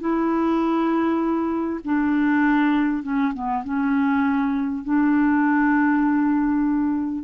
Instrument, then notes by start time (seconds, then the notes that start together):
clarinet
0.00 E4
1.84 D4
3.03 C#4
3.33 B3
3.64 C#4
4.84 D4